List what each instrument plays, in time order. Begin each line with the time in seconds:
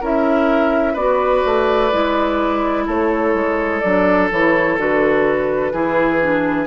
0.00 bassoon C#4, clarinet E4, oboe A#4, flute E5
0.93 bassoon B3, clarinet F#4, oboe B4, flute D5
1.44 bassoon A3
1.91 bassoon G#3, clarinet E4
2.86 bassoon A3, oboe A4, flute C#5
3.34 bassoon G#3
3.80 bassoon F#3, clarinet D4, flute D5
4.31 bassoon E3, clarinet E4, flute C#5
4.77 bassoon D3, clarinet F#4, flute B4
5.72 bassoon E3, clarinet E4, oboe G#4
6.21 clarinet D4